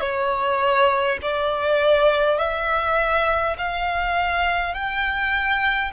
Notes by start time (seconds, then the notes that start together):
0.00 C#5
1.22 D5
2.39 E5
3.58 F5
4.74 G5